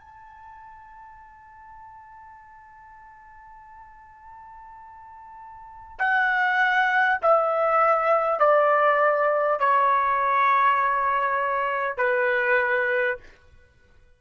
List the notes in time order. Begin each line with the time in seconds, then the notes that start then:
0.00 A5
5.99 F#5
7.22 E5
8.39 D5
9.60 C#5
11.97 B4